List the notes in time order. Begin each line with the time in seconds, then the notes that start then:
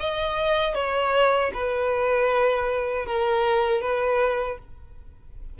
0.00 D#5
0.75 C#5
1.54 B4
3.06 A#4
3.82 B4